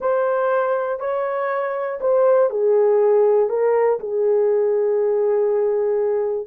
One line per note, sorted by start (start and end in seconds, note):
0.00 0.99 C5
0.99 1.99 C#5
2.00 2.50 C5
2.50 3.49 G#4
3.49 3.99 A#4
3.99 6.47 G#4